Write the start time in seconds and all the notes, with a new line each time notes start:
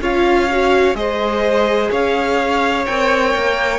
0.00 C#4 F4 C#5 F5
0.50 F#4
0.94 G#3 G#4 C5 D#5
1.91 C#4 C#5 F5
2.86 C4 A#4 G5
3.34 A#3